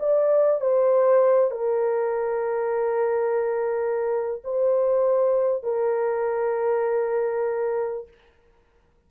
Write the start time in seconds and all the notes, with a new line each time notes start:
0.00 D5
0.61 C5
1.51 A#4
4.44 C5
5.63 A#4